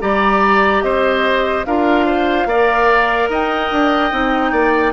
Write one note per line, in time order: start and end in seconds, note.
0.00 0.82 G3
0.00 1.64 G4
0.00 0.83 D5
0.00 0.82 A#5
0.82 1.65 C4
0.82 1.66 C5
0.82 1.64 D#5
1.65 2.46 D4
1.65 2.49 F4
1.65 2.06 A#4
1.65 3.29 F5
2.06 2.47 C5
2.46 3.28 A#3
2.46 4.11 A#4
2.46 3.30 D5
3.29 3.70 D#4
3.29 4.52 D#5
3.29 4.93 G5
3.70 4.11 D4
4.11 4.52 C4
4.11 4.93 D#4
4.52 4.93 A#3
4.52 4.93 D5